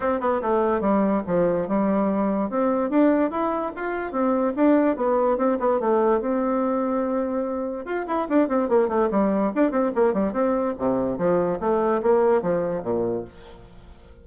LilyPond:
\new Staff \with { instrumentName = "bassoon" } { \time 4/4 \tempo 4 = 145 c'8 b8 a4 g4 f4 | g2 c'4 d'4 | e'4 f'4 c'4 d'4 | b4 c'8 b8 a4 c'4~ |
c'2. f'8 e'8 | d'8 c'8 ais8 a8 g4 d'8 c'8 | ais8 g8 c'4 c4 f4 | a4 ais4 f4 ais,4 | }